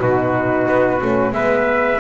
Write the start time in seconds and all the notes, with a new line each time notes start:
0.00 B2 D#4 F#4 B4
0.68 B3
0.99 A3 C#4
1.32 G#3 B3 B4 E5